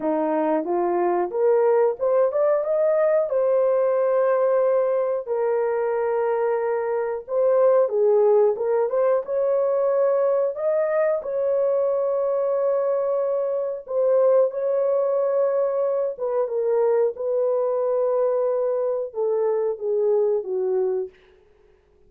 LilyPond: \new Staff \with { instrumentName = "horn" } { \time 4/4 \tempo 4 = 91 dis'4 f'4 ais'4 c''8 d''8 | dis''4 c''2. | ais'2. c''4 | gis'4 ais'8 c''8 cis''2 |
dis''4 cis''2.~ | cis''4 c''4 cis''2~ | cis''8 b'8 ais'4 b'2~ | b'4 a'4 gis'4 fis'4 | }